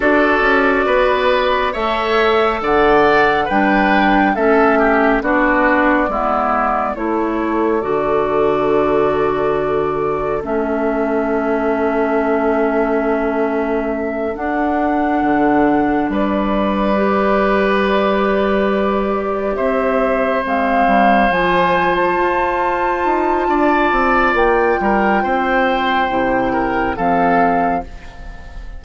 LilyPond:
<<
  \new Staff \with { instrumentName = "flute" } { \time 4/4 \tempo 4 = 69 d''2 e''4 fis''4 | g''4 e''4 d''2 | cis''4 d''2. | e''1~ |
e''8 fis''2 d''4.~ | d''2~ d''8 e''4 f''8~ | f''8 gis''8. a''2~ a''8. | g''2. f''4 | }
  \new Staff \with { instrumentName = "oboe" } { \time 4/4 a'4 b'4 cis''4 d''4 | b'4 a'8 g'8 fis'4 e'4 | a'1~ | a'1~ |
a'2~ a'8 b'4.~ | b'2~ b'8 c''4.~ | c''2. d''4~ | d''8 ais'8 c''4. ais'8 a'4 | }
  \new Staff \with { instrumentName = "clarinet" } { \time 4/4 fis'2 a'2 | d'4 cis'4 d'4 b4 | e'4 fis'2. | cis'1~ |
cis'8 d'2. g'8~ | g'2.~ g'8 c'8~ | c'8 f'2.~ f'8~ | f'2 e'4 c'4 | }
  \new Staff \with { instrumentName = "bassoon" } { \time 4/4 d'8 cis'8 b4 a4 d4 | g4 a4 b4 gis4 | a4 d2. | a1~ |
a8 d'4 d4 g4.~ | g2~ g8 c'4 gis8 | g8 f4 f'4 dis'8 d'8 c'8 | ais8 g8 c'4 c4 f4 | }
>>